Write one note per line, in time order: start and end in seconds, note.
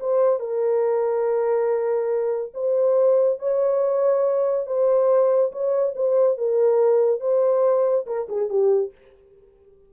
0.00 0.40 C5
0.40 2.53 A#4
2.54 3.39 C5
3.39 4.67 C#5
4.67 5.52 C5
5.52 5.95 C#5
5.96 6.38 C5
6.38 7.21 A#4
7.21 8.06 C5
8.06 8.28 A#4
8.29 8.49 G#4
8.49 8.92 G4